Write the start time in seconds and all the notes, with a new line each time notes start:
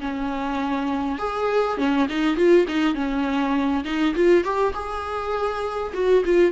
0.00 C#4
1.18 G#4
1.77 C#4
2.09 D#4
2.36 F4
2.68 D#4
2.95 C#4
3.84 D#4
4.15 F4
4.44 G4
4.74 G#4
5.94 F#4
6.25 F4